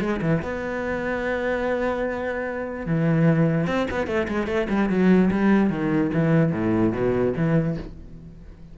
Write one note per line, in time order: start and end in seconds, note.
0.00 0.20 G#3
0.21 0.42 E3
0.42 2.86 B3
2.86 3.67 E3
3.67 3.87 C4
3.90 4.07 B3
4.07 4.27 A3
4.28 4.47 G#3
4.47 4.67 A3
4.69 4.89 G3
4.89 5.30 F#3
5.31 5.70 G3
5.70 6.11 D#3
6.13 6.52 E3
6.52 6.93 A2
6.93 7.33 B2
7.36 7.77 E3